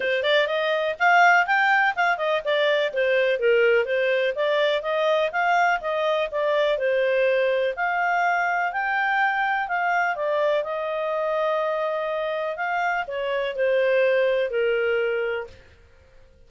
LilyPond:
\new Staff \with { instrumentName = "clarinet" } { \time 4/4 \tempo 4 = 124 c''8 d''8 dis''4 f''4 g''4 | f''8 dis''8 d''4 c''4 ais'4 | c''4 d''4 dis''4 f''4 | dis''4 d''4 c''2 |
f''2 g''2 | f''4 d''4 dis''2~ | dis''2 f''4 cis''4 | c''2 ais'2 | }